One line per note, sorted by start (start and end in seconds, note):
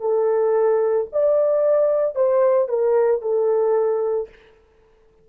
0.00 1.07 A4
1.12 2.15 D5
2.15 2.68 C5
2.68 3.22 A#4
3.22 4.29 A4